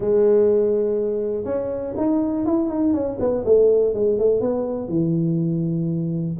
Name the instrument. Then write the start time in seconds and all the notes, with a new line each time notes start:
tuba
0.00 G#3
1.44 C#4
1.96 D#4
2.45 E4
2.69 D#4
2.93 C#4
3.19 B3
3.45 A3
3.94 G#3
4.18 A3
4.40 B3
4.88 E3